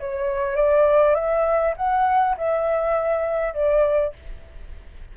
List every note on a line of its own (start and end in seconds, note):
0.00 0.56 C#5
0.56 1.15 D5
1.15 1.74 E5
1.77 2.36 F#5
2.37 3.54 E5
3.54 4.13 D5